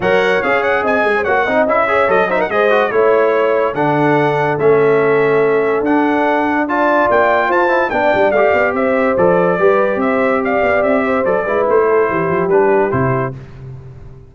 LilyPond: <<
  \new Staff \with { instrumentName = "trumpet" } { \time 4/4 \tempo 4 = 144 fis''4 f''8 fis''8 gis''4 fis''4 | e''4 dis''8 e''16 fis''16 dis''4 cis''4~ | cis''4 fis''2 e''4~ | e''2 fis''2 |
a''4 g''4 a''4 g''4 | f''4 e''4 d''2 | e''4 f''4 e''4 d''4 | c''2 b'4 c''4 | }
  \new Staff \with { instrumentName = "horn" } { \time 4/4 cis''2 dis''8. c''16 cis''8 dis''8~ | dis''8 cis''4 c''16 ais'16 c''4 cis''4~ | cis''4 a'2.~ | a'1 |
d''2 c''4 d''4~ | d''4 c''2 b'4 | c''4 d''4. c''4 b'8~ | b'8 a'8 g'2. | }
  \new Staff \with { instrumentName = "trombone" } { \time 4/4 ais'4 gis'2 fis'8 dis'8 | e'8 gis'8 a'8 dis'8 gis'8 fis'8 e'4~ | e'4 d'2 cis'4~ | cis'2 d'2 |
f'2~ f'8 e'8 d'4 | g'2 a'4 g'4~ | g'2. a'8 e'8~ | e'2 d'4 e'4 | }
  \new Staff \with { instrumentName = "tuba" } { \time 4/4 fis4 cis'4 c'8 gis8 ais8 c'8 | cis'4 fis4 gis4 a4~ | a4 d2 a4~ | a2 d'2~ |
d'4 ais4 f'4 b8 g8 | a8 b8 c'4 f4 g4 | c'4. b8 c'4 fis8 gis8 | a4 e8 f8 g4 c4 | }
>>